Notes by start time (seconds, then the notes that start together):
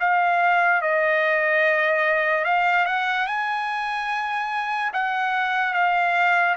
0.00 F5
0.82 D#5
2.45 F5
2.86 F#5
3.27 G#5
4.93 F#5
5.74 F5